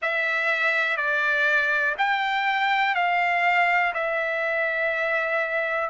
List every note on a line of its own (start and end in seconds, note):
0.01 0.97 E5
0.97 1.95 D5
1.98 2.95 G5
2.95 3.93 F5
3.93 5.89 E5